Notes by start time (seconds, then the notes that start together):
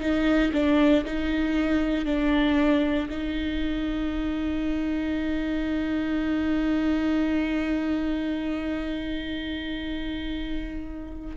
0.00 D#4
0.53 D4
1.05 D#4
2.05 D4
3.10 D#4